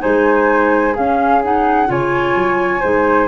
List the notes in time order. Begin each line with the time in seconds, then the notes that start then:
0.00 G#3 D#4 C5 G#5
0.93 C#4 G#4 F5
1.43 D#4 F#5
1.87 C#3 F4 C#5 G#5
2.36 F#3
2.81 G#3 D#4 C5